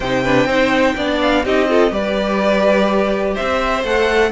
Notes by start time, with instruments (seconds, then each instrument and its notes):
0.00 cello C3, viola D#4, violin C5 G5
0.23 viola D4, violin B4
0.45 cello C4, viola D#4, violin C5
0.96 cello B3, viola D4, violin D5
1.21 violin F5
1.44 cello C4, viola D#4, violin G4 D#5
1.68 viola F4, violin A4
1.90 cello G3, viola G4, violin B4 D5
3.33 violin C5 E5
3.40 cello C4
3.83 cello A3, viola A4, violin F#5